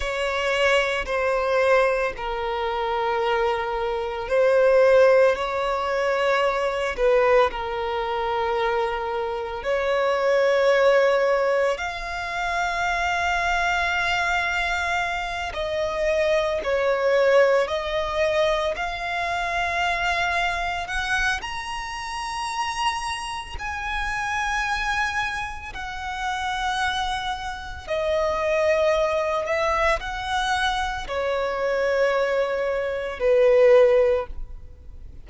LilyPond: \new Staff \with { instrumentName = "violin" } { \time 4/4 \tempo 4 = 56 cis''4 c''4 ais'2 | c''4 cis''4. b'8 ais'4~ | ais'4 cis''2 f''4~ | f''2~ f''8 dis''4 cis''8~ |
cis''8 dis''4 f''2 fis''8 | ais''2 gis''2 | fis''2 dis''4. e''8 | fis''4 cis''2 b'4 | }